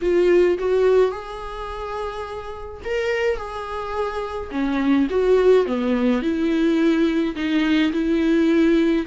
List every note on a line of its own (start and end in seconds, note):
0.01 0.58 F4
0.58 1.11 F#4
1.11 2.81 G#4
2.84 3.36 A#4
3.36 4.49 G#4
4.51 5.07 C#4
5.10 5.66 F#4
5.66 6.22 B3
6.22 7.35 E4
7.35 7.92 D#4
7.92 9.05 E4